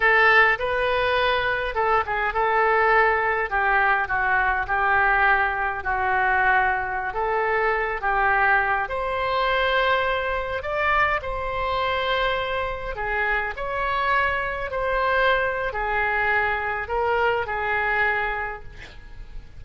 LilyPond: \new Staff \with { instrumentName = "oboe" } { \time 4/4 \tempo 4 = 103 a'4 b'2 a'8 gis'8 | a'2 g'4 fis'4 | g'2 fis'2~ | fis'16 a'4. g'4. c''8.~ |
c''2~ c''16 d''4 c''8.~ | c''2~ c''16 gis'4 cis''8.~ | cis''4~ cis''16 c''4.~ c''16 gis'4~ | gis'4 ais'4 gis'2 | }